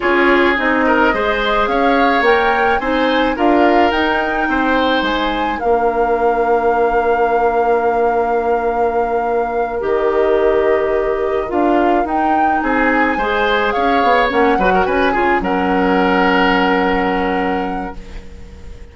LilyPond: <<
  \new Staff \with { instrumentName = "flute" } { \time 4/4 \tempo 4 = 107 cis''4 dis''2 f''4 | g''4 gis''4 f''4 g''4~ | g''4 gis''4 f''2~ | f''1~ |
f''4. dis''2~ dis''8~ | dis''8 f''4 g''4 gis''4.~ | gis''8 f''4 fis''4 gis''4 fis''8~ | fis''1 | }
  \new Staff \with { instrumentName = "oboe" } { \time 4/4 gis'4. ais'8 c''4 cis''4~ | cis''4 c''4 ais'2 | c''2 ais'2~ | ais'1~ |
ais'1~ | ais'2~ ais'8 gis'4 c''8~ | c''8 cis''4. b'16 ais'16 b'8 gis'8 ais'8~ | ais'1 | }
  \new Staff \with { instrumentName = "clarinet" } { \time 4/4 f'4 dis'4 gis'2 | ais'4 dis'4 f'4 dis'4~ | dis'2 d'2~ | d'1~ |
d'4. g'2~ g'8~ | g'8 f'4 dis'2 gis'8~ | gis'4. cis'8 fis'4 f'8 cis'8~ | cis'1 | }
  \new Staff \with { instrumentName = "bassoon" } { \time 4/4 cis'4 c'4 gis4 cis'4 | ais4 c'4 d'4 dis'4 | c'4 gis4 ais2~ | ais1~ |
ais4. dis2~ dis8~ | dis8 d'4 dis'4 c'4 gis8~ | gis8 cis'8 b8 ais8 fis8 cis'8 cis8 fis8~ | fis1 | }
>>